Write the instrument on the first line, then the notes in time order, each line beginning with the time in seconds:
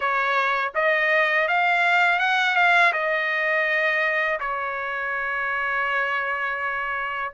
trumpet
0.00 C#5
0.74 D#5
1.47 F5
2.19 F#5
2.55 F5
2.92 D#5
4.40 C#5